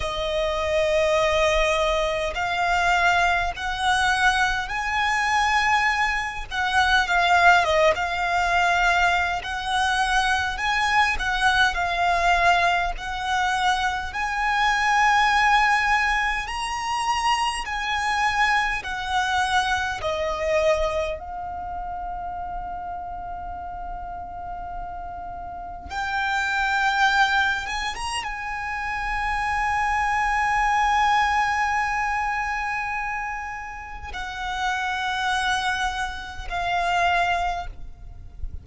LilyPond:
\new Staff \with { instrumentName = "violin" } { \time 4/4 \tempo 4 = 51 dis''2 f''4 fis''4 | gis''4. fis''8 f''8 dis''16 f''4~ f''16 | fis''4 gis''8 fis''8 f''4 fis''4 | gis''2 ais''4 gis''4 |
fis''4 dis''4 f''2~ | f''2 g''4. gis''16 ais''16 | gis''1~ | gis''4 fis''2 f''4 | }